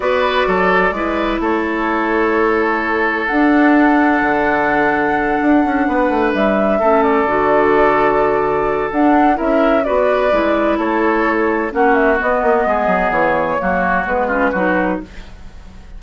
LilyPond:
<<
  \new Staff \with { instrumentName = "flute" } { \time 4/4 \tempo 4 = 128 d''2. cis''4~ | cis''2. fis''4~ | fis''1~ | fis''4. e''4. d''4~ |
d''2. fis''4 | e''4 d''2 cis''4~ | cis''4 fis''8 e''8 dis''2 | cis''2 b'2 | }
  \new Staff \with { instrumentName = "oboe" } { \time 4/4 b'4 a'4 b'4 a'4~ | a'1~ | a'1~ | a'8 b'2 a'4.~ |
a'1 | ais'4 b'2 a'4~ | a'4 fis'2 gis'4~ | gis'4 fis'4. f'8 fis'4 | }
  \new Staff \with { instrumentName = "clarinet" } { \time 4/4 fis'2 e'2~ | e'2. d'4~ | d'1~ | d'2~ d'8 cis'4 fis'8~ |
fis'2. d'4 | e'4 fis'4 e'2~ | e'4 cis'4 b2~ | b4 ais4 b8 cis'8 dis'4 | }
  \new Staff \with { instrumentName = "bassoon" } { \time 4/4 b4 fis4 gis4 a4~ | a2. d'4~ | d'4 d2~ d8 d'8 | cis'8 b8 a8 g4 a4 d8~ |
d2. d'4 | cis'4 b4 gis4 a4~ | a4 ais4 b8 ais8 gis8 fis8 | e4 fis4 gis4 fis4 | }
>>